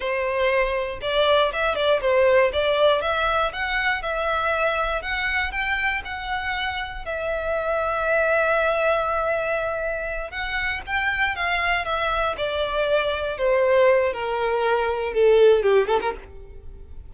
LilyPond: \new Staff \with { instrumentName = "violin" } { \time 4/4 \tempo 4 = 119 c''2 d''4 e''8 d''8 | c''4 d''4 e''4 fis''4 | e''2 fis''4 g''4 | fis''2 e''2~ |
e''1~ | e''8 fis''4 g''4 f''4 e''8~ | e''8 d''2 c''4. | ais'2 a'4 g'8 a'16 ais'16 | }